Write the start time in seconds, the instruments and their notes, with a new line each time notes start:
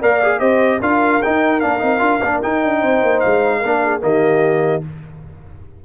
0.00 tuba A#3, trombone A#4, horn D5, trumpet F5
0.22 trombone G#4
0.39 tuba C4, trombone G4, horn C5, trumpet D#5
0.79 tuba D4, trombone F4, horn A#4, trumpet F5
1.22 trombone D#4, tuba D#4, trumpet G5
1.60 tuba A#3, trombone D4, trumpet F5
1.78 tuba C4, trombone D#4
1.98 tuba D4, trombone F4
2.22 tuba A#3, trombone D4
2.42 trombone D#4, tuba D#4, trumpet G5
2.63 tuba D4
2.79 tuba C4, horn C5
3.02 tuba A#3
3.19 tuba G#3, trumpet F5
3.59 tuba A#3, trombone D4, horn A#4
3.83 horn G#4
4.00 tuba D#3, trombone A#3, horn G4, trumpet D#5